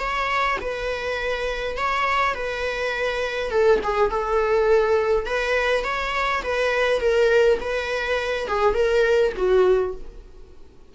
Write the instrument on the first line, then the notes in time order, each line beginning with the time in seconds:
viola
0.00 C#5
0.61 B4
1.78 C#5
2.35 B4
3.51 A4
3.84 G#4
4.11 A4
5.26 B4
5.84 C#5
6.44 B4
7.01 A#4
7.61 B4
8.48 G#4
8.75 A#4
9.37 F#4